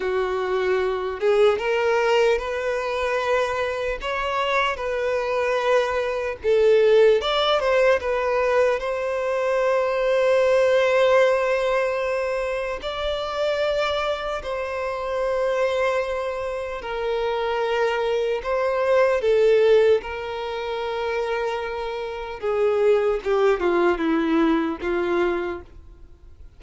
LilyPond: \new Staff \with { instrumentName = "violin" } { \time 4/4 \tempo 4 = 75 fis'4. gis'8 ais'4 b'4~ | b'4 cis''4 b'2 | a'4 d''8 c''8 b'4 c''4~ | c''1 |
d''2 c''2~ | c''4 ais'2 c''4 | a'4 ais'2. | gis'4 g'8 f'8 e'4 f'4 | }